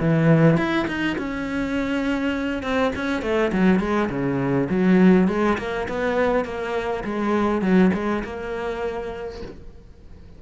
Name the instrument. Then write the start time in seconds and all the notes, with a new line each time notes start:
cello
0.00 E3
0.57 E4
0.88 D#4
1.18 C#4
2.63 C4
2.96 C#4
3.22 A3
3.53 F#3
3.80 G#3
4.10 C#3
4.70 F#3
5.28 G#3
5.58 A#3
5.89 B3
6.45 A#3
7.04 G#3
7.62 F#3
7.94 G#3
8.24 A#3